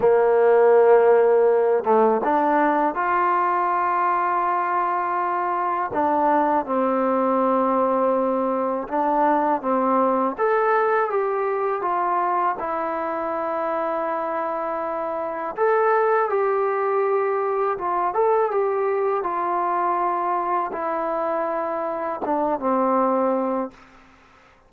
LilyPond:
\new Staff \with { instrumentName = "trombone" } { \time 4/4 \tempo 4 = 81 ais2~ ais8 a8 d'4 | f'1 | d'4 c'2. | d'4 c'4 a'4 g'4 |
f'4 e'2.~ | e'4 a'4 g'2 | f'8 a'8 g'4 f'2 | e'2 d'8 c'4. | }